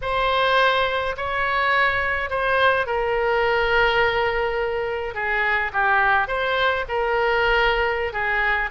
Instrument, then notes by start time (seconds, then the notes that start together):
oboe
0.01 C5
1.16 C#5
2.30 C5
2.86 A#4
5.14 G#4
5.72 G4
6.27 C5
6.88 A#4
8.12 G#4